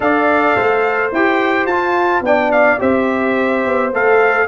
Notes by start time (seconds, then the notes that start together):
0.00 D4 A4 D5 F5
0.56 A3 C5
1.12 E4 G4 G5
1.66 F4 A5
2.21 B3 D4 D5 G5
2.51 F5
2.78 C4 G4 C5 E5
3.65 B3
3.92 A3 A4 F5